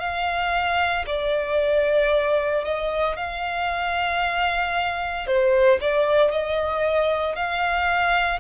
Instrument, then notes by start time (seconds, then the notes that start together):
violin
0.00 F5
1.07 D5
2.65 D#5
3.17 F5
5.27 C5
5.81 D5
6.32 D#5
7.36 F5